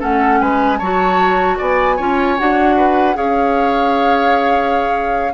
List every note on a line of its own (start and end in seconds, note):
0.00 0.41 A3
0.00 0.79 C#4
0.00 0.39 A4
0.00 0.41 F#5
0.41 0.80 G#3
0.41 0.79 B4
0.41 0.79 G#5
0.79 1.60 F#3
0.79 1.99 F#4
0.79 1.58 C#5
0.79 1.58 A5
1.58 1.99 B3
1.58 1.97 D5
1.58 2.39 G#5
1.97 2.39 C#4
1.97 2.38 F4
1.97 2.75 C#5
2.39 3.17 D4
2.39 3.15 F#4
2.39 3.17 F#5
2.77 3.17 B4
3.15 5.34 C#4
3.15 5.32 G#4
3.15 5.34 C#5
3.15 5.34 F5